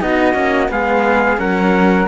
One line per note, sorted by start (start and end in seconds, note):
0.00 0.35 B3
0.00 0.34 D#4
0.00 0.70 F#4
0.00 0.70 D#5
0.34 0.70 A#3
0.34 0.68 C#4
0.68 1.39 G#3
0.68 1.37 B3
0.68 1.39 G#4
0.68 1.39 F5
1.37 2.08 F#3
1.37 2.06 C#4
1.37 2.08 A#4
1.37 2.08 F#5